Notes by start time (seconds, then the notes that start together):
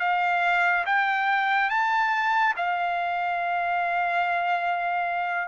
0.00 F5
0.86 G5
1.70 A5
2.57 F5